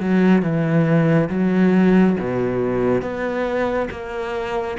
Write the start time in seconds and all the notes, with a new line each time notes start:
0.00 F#3
0.42 E3
1.29 F#3
2.20 B2
3.02 B3
3.91 A#3